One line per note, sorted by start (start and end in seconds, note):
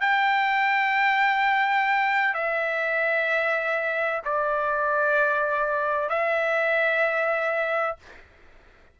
0.00 2.34 G5
2.34 4.21 E5
4.25 6.09 D5
6.09 7.96 E5